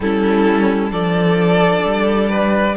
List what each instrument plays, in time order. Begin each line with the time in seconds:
0.00 cello G3, viola C#4, violin E4 A4
0.91 cello F3, viola D4, violin A4 D5
1.85 cello G3
2.29 violin B4